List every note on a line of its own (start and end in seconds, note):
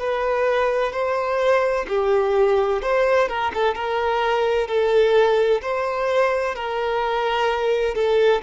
0.00 0.93 B4
0.93 1.87 C5
1.89 2.83 G4
2.83 3.29 C5
3.29 3.52 A#4
3.55 3.75 A4
3.75 4.68 A#4
4.68 5.62 A4
5.62 6.55 C5
6.55 7.95 A#4
7.95 8.42 A4